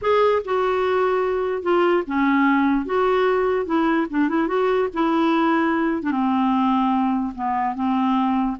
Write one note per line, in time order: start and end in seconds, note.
0.01 0.42 G#4
0.44 1.62 F#4
1.62 2.03 F4
2.06 2.85 C#4
2.85 3.65 F#4
3.65 4.06 E4
4.09 4.28 D4
4.28 4.47 E4
4.47 4.88 F#4
4.93 6.02 E4
6.02 6.11 D4
6.11 7.33 C4
7.35 7.75 B3
7.75 8.56 C4